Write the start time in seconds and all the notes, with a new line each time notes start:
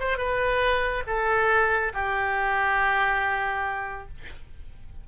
0.00 C5
0.18 B4
1.07 A4
1.94 G4